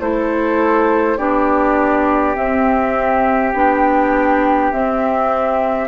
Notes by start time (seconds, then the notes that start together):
0.00 A3 E4 A4 C5
1.18 B3 D4 G4 D5
2.35 C4 E5
3.54 B3 D4 G5
4.73 C4 E5